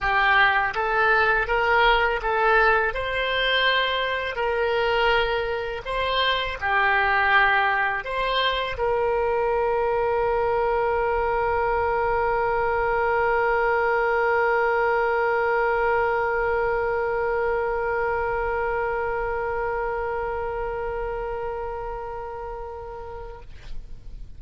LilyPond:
\new Staff \with { instrumentName = "oboe" } { \time 4/4 \tempo 4 = 82 g'4 a'4 ais'4 a'4 | c''2 ais'2 | c''4 g'2 c''4 | ais'1~ |
ais'1~ | ais'1~ | ais'1~ | ais'1 | }